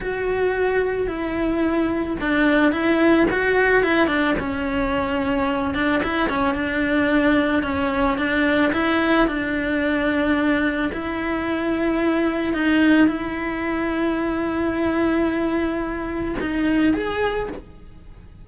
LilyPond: \new Staff \with { instrumentName = "cello" } { \time 4/4 \tempo 4 = 110 fis'2 e'2 | d'4 e'4 fis'4 e'8 d'8 | cis'2~ cis'8 d'8 e'8 cis'8 | d'2 cis'4 d'4 |
e'4 d'2. | e'2. dis'4 | e'1~ | e'2 dis'4 gis'4 | }